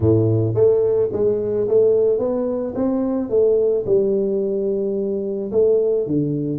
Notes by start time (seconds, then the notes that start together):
0.00 A2
0.54 A3
1.12 G#3
1.68 A3
2.18 B3
2.75 C4
3.29 A3
3.86 G3
5.51 A3
6.06 D3